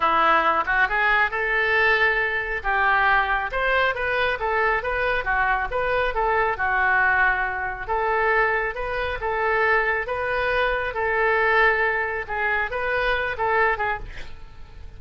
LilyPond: \new Staff \with { instrumentName = "oboe" } { \time 4/4 \tempo 4 = 137 e'4. fis'8 gis'4 a'4~ | a'2 g'2 | c''4 b'4 a'4 b'4 | fis'4 b'4 a'4 fis'4~ |
fis'2 a'2 | b'4 a'2 b'4~ | b'4 a'2. | gis'4 b'4. a'4 gis'8 | }